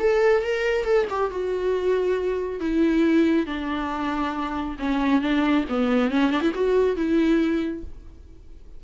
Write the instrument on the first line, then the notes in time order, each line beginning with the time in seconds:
viola
0.00 A4
0.44 A#4
0.85 A4
1.10 G4
1.31 F#4
2.60 E4
3.47 D4
4.79 C#4
5.22 D4
5.69 B3
6.11 C#4
6.32 D4
6.42 E4
6.55 F#4
6.97 E4